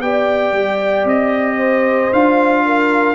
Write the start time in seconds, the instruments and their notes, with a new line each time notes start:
0.00 tuba B3, trombone G4, horn D5, trumpet G5
0.52 tuba G3
1.05 tuba C4, trumpet D#5
1.57 horn C5
2.13 tuba D4, trombone F4, trumpet F5
2.65 horn A#4